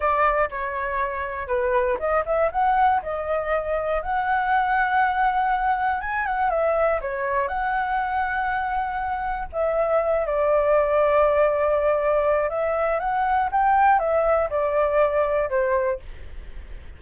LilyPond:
\new Staff \with { instrumentName = "flute" } { \time 4/4 \tempo 4 = 120 d''4 cis''2 b'4 | dis''8 e''8 fis''4 dis''2 | fis''1 | gis''8 fis''8 e''4 cis''4 fis''4~ |
fis''2. e''4~ | e''8 d''2.~ d''8~ | d''4 e''4 fis''4 g''4 | e''4 d''2 c''4 | }